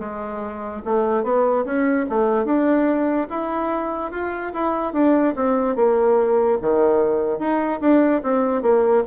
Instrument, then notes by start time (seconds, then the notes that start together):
bassoon
0.00 G#3
0.86 A3
1.24 B3
1.66 C#4
2.10 A3
2.46 D4
3.30 E4
4.12 F4
4.54 E4
4.94 D4
5.36 C4
5.76 A#3
6.62 D#3
7.39 D#4
7.81 D4
8.23 C4
8.63 A#3